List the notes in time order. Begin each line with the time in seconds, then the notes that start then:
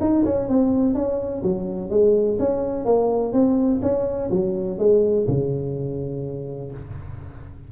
0.00 D#4
0.24 C#4
0.48 C4
0.94 C#4
1.42 F#3
1.90 G#3
2.39 C#4
2.85 A#3
3.32 C4
3.82 C#4
4.30 F#3
4.78 G#3
5.27 C#3